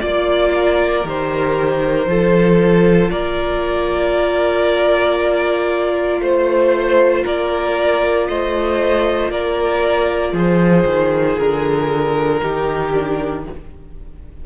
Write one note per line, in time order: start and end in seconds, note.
0.00 1.05 A#3
0.00 1.03 F4
0.00 0.52 D5
0.00 1.08 D5
0.55 2.10 A#4
1.05 2.06 D#3
1.05 2.08 G4
1.05 3.11 C5
2.06 3.10 F3
2.06 12.42 F4
2.06 3.12 A4
3.11 6.21 A#3
3.11 6.23 A#4
3.11 6.21 D5
6.21 7.25 A3
6.21 7.25 C5
6.21 7.24 C5
7.24 8.29 A#3
7.24 8.28 A#4
7.24 8.28 D5
8.28 9.31 A3
8.28 9.32 C5
8.28 9.31 D#5
9.31 10.33 A#3
9.31 10.34 A#4
9.31 10.35 D5
10.33 10.85 F3
10.33 12.41 G#4
10.33 11.39 C5
10.86 11.37 D#3
11.39 12.43 D3
11.39 13.45 A#4
12.42 13.47 D#3
12.42 12.93 D#4
12.42 13.46 G4
12.93 13.45 D4